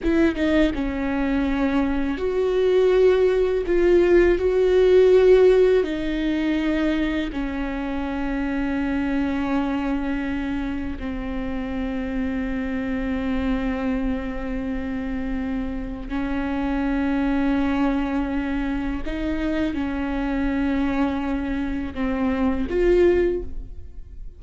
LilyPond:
\new Staff \with { instrumentName = "viola" } { \time 4/4 \tempo 4 = 82 e'8 dis'8 cis'2 fis'4~ | fis'4 f'4 fis'2 | dis'2 cis'2~ | cis'2. c'4~ |
c'1~ | c'2 cis'2~ | cis'2 dis'4 cis'4~ | cis'2 c'4 f'4 | }